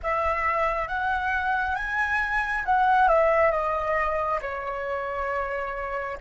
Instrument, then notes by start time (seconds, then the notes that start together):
flute
0.02 E5
0.88 F#5
1.75 G#5
2.65 F#5
3.08 E5
3.51 D#5
4.41 C#5